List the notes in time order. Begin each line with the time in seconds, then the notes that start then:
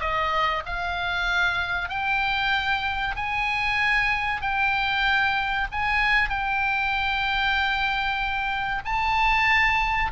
0.00 D#5
0.66 F5
1.89 G5
3.16 G#5
4.42 G5
5.72 G#5
6.30 G5
8.85 A5